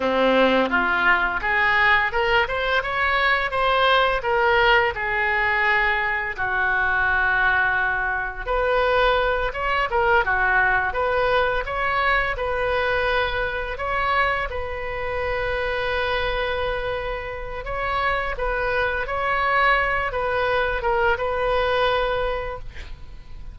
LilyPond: \new Staff \with { instrumentName = "oboe" } { \time 4/4 \tempo 4 = 85 c'4 f'4 gis'4 ais'8 c''8 | cis''4 c''4 ais'4 gis'4~ | gis'4 fis'2. | b'4. cis''8 ais'8 fis'4 b'8~ |
b'8 cis''4 b'2 cis''8~ | cis''8 b'2.~ b'8~ | b'4 cis''4 b'4 cis''4~ | cis''8 b'4 ais'8 b'2 | }